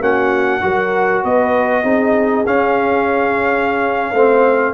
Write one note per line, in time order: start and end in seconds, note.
0.00 0.61 A#3
0.00 0.61 C#4
0.00 0.61 F#4
0.00 1.24 F#5
0.61 1.24 F#3
0.61 1.84 F#4
0.61 1.25 A#4
1.24 1.84 B3
1.24 1.83 B4
1.24 2.47 D#5
1.83 2.45 C4
1.83 2.45 D#4
1.83 4.13 G#4
2.46 4.13 C#4
2.46 4.15 C#4
2.46 4.74 F5
4.13 4.74 A3
4.13 4.74 C4
4.13 4.74 C5